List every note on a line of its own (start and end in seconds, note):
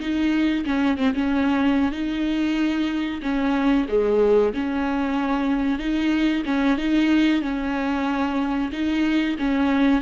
0.00 0.65 D#4
0.65 0.97 C#4
0.97 1.13 C4
1.14 1.91 C#4
1.91 3.21 D#4
3.22 3.87 C#4
3.89 4.53 G#3
4.53 5.79 C#4
5.79 6.43 D#4
6.45 6.77 C#4
6.77 7.42 D#4
7.42 8.71 C#4
8.72 9.36 D#4
9.38 10.01 C#4